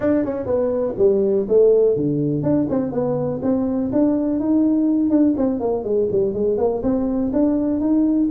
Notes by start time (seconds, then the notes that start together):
0.00 D4
0.24 C#4
0.46 B3
0.98 G3
1.48 A3
1.96 D3
2.42 D4
2.69 C4
2.92 B3
3.42 C4
3.92 D4
4.39 D#4
5.10 D4
5.37 C4
5.60 A#3
5.84 G#3
6.11 G3
6.33 G#3
6.57 A#3
6.82 C4
7.32 D4
7.80 D#4